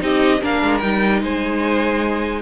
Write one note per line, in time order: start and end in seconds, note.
0.00 0.42 C4
0.00 0.41 D#4
0.00 0.43 G4
0.00 0.44 D#5
0.42 0.63 A#3
0.42 0.82 D4
0.42 1.23 A#4
0.42 0.79 F5
0.63 0.83 G#3
0.79 1.22 G3
0.79 2.42 D#4
0.79 1.20 G5
1.22 2.42 G#3
1.22 2.42 C5
1.22 2.42 G#5